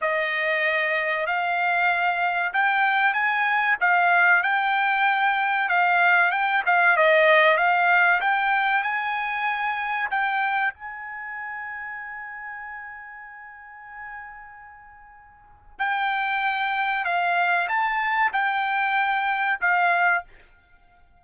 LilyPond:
\new Staff \with { instrumentName = "trumpet" } { \time 4/4 \tempo 4 = 95 dis''2 f''2 | g''4 gis''4 f''4 g''4~ | g''4 f''4 g''8 f''8 dis''4 | f''4 g''4 gis''2 |
g''4 gis''2.~ | gis''1~ | gis''4 g''2 f''4 | a''4 g''2 f''4 | }